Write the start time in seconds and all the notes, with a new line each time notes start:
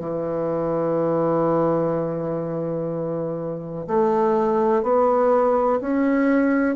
0.00 E3
3.88 A3
4.83 B3
5.81 C#4